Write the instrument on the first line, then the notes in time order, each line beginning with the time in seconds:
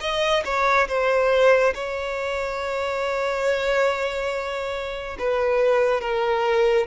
violin
0.00 D#5
0.44 C#5
0.88 C5
1.74 C#5
5.19 B4
6.00 A#4